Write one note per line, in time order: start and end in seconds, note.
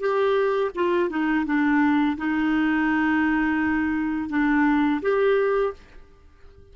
0.00 0.71 G4
0.75 1.10 F4
1.10 1.46 D#4
1.46 2.18 D4
2.18 4.30 D#4
4.30 5.01 D4
5.02 5.73 G4